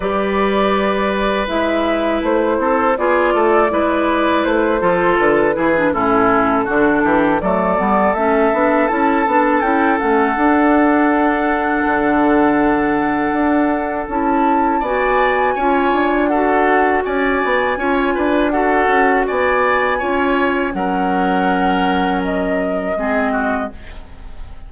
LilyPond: <<
  \new Staff \with { instrumentName = "flute" } { \time 4/4 \tempo 4 = 81 d''2 e''4 c''4 | d''2 c''4 b'4 | a'2 d''4 e''4 | a''4 g''8 fis''2~ fis''8~ |
fis''2. a''4 | gis''2 fis''4 gis''4~ | gis''4 fis''4 gis''2 | fis''2 dis''2 | }
  \new Staff \with { instrumentName = "oboe" } { \time 4/4 b'2.~ b'8 a'8 | gis'8 a'8 b'4. a'4 gis'8 | e'4 fis'8 g'8 a'2~ | a'1~ |
a'1 | d''4 cis''4 a'4 d''4 | cis''8 b'8 a'4 d''4 cis''4 | ais'2. gis'8 fis'8 | }
  \new Staff \with { instrumentName = "clarinet" } { \time 4/4 g'2 e'2 | f'4 e'4. f'4 e'16 d'16 | cis'4 d'4 a8 b8 cis'8 d'8 | e'8 d'8 e'8 cis'8 d'2~ |
d'2. e'4 | fis'4 f'4 fis'2 | f'4 fis'2 f'4 | cis'2. c'4 | }
  \new Staff \with { instrumentName = "bassoon" } { \time 4/4 g2 gis4 a8 c'8 | b8 a8 gis4 a8 f8 d8 e8 | a,4 d8 e8 fis8 g8 a8 b8 | cis'8 b8 cis'8 a8 d'2 |
d2 d'4 cis'4 | b4 cis'8 d'4. cis'8 b8 | cis'8 d'4 cis'8 b4 cis'4 | fis2. gis4 | }
>>